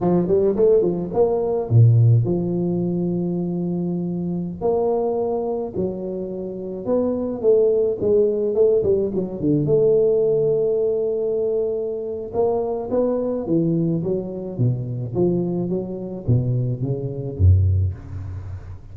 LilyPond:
\new Staff \with { instrumentName = "tuba" } { \time 4/4 \tempo 4 = 107 f8 g8 a8 f8 ais4 ais,4 | f1~ | f16 ais2 fis4.~ fis16~ | fis16 b4 a4 gis4 a8 g16~ |
g16 fis8 d8 a2~ a8.~ | a2 ais4 b4 | e4 fis4 b,4 f4 | fis4 b,4 cis4 fis,4 | }